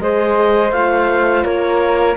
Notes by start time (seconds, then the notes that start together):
0.00 G#3 G#4 C5 D#5
0.72 A3 F4 F5
1.44 A#3 A#4 C#5